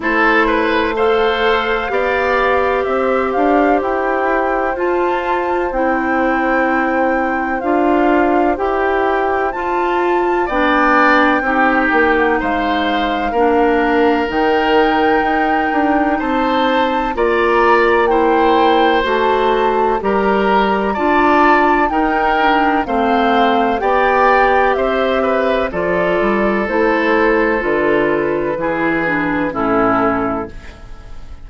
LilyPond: <<
  \new Staff \with { instrumentName = "flute" } { \time 4/4 \tempo 4 = 63 c''4 f''2 e''8 f''8 | g''4 a''4 g''2 | f''4 g''4 a''4 g''4~ | g''8. fis''16 f''2 g''4~ |
g''4 a''4 ais''4 g''4 | a''4 ais''4 a''4 g''4 | f''4 g''4 e''4 d''4 | c''4 b'2 a'4 | }
  \new Staff \with { instrumentName = "oboe" } { \time 4/4 a'8 b'8 c''4 d''4 c''4~ | c''1~ | c''2. d''4 | g'4 c''4 ais'2~ |
ais'4 c''4 d''4 c''4~ | c''4 ais'4 d''4 ais'4 | c''4 d''4 c''8 b'8 a'4~ | a'2 gis'4 e'4 | }
  \new Staff \with { instrumentName = "clarinet" } { \time 4/4 e'4 a'4 g'2~ | g'4 f'4 e'2 | f'4 g'4 f'4 d'4 | dis'2 d'4 dis'4~ |
dis'2 f'4 e'4 | fis'4 g'4 f'4 dis'8 d'8 | c'4 g'2 f'4 | e'4 f'4 e'8 d'8 cis'4 | }
  \new Staff \with { instrumentName = "bassoon" } { \time 4/4 a2 b4 c'8 d'8 | e'4 f'4 c'2 | d'4 e'4 f'4 b4 | c'8 ais8 gis4 ais4 dis4 |
dis'8 d'8 c'4 ais2 | a4 g4 d'4 dis'4 | a4 b4 c'4 f8 g8 | a4 d4 e4 a,4 | }
>>